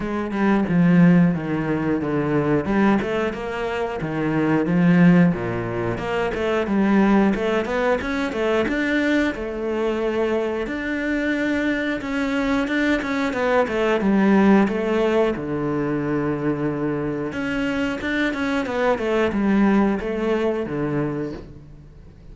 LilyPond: \new Staff \with { instrumentName = "cello" } { \time 4/4 \tempo 4 = 90 gis8 g8 f4 dis4 d4 | g8 a8 ais4 dis4 f4 | ais,4 ais8 a8 g4 a8 b8 | cis'8 a8 d'4 a2 |
d'2 cis'4 d'8 cis'8 | b8 a8 g4 a4 d4~ | d2 cis'4 d'8 cis'8 | b8 a8 g4 a4 d4 | }